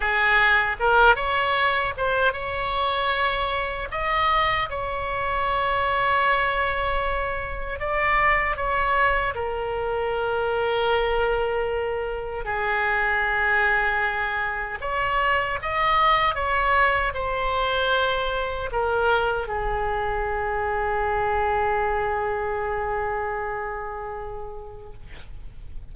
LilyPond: \new Staff \with { instrumentName = "oboe" } { \time 4/4 \tempo 4 = 77 gis'4 ais'8 cis''4 c''8 cis''4~ | cis''4 dis''4 cis''2~ | cis''2 d''4 cis''4 | ais'1 |
gis'2. cis''4 | dis''4 cis''4 c''2 | ais'4 gis'2.~ | gis'1 | }